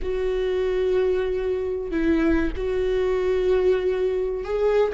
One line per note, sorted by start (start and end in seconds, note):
0.01 1.91 F#4
1.91 2.51 E4
2.56 4.44 F#4
4.44 4.92 G#4